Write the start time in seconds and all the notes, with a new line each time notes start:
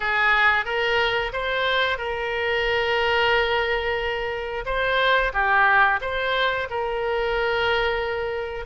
0.00 G#4
0.65 A#4
1.32 C5
1.98 A#4
4.65 C5
5.33 G4
6.01 C5
6.70 A#4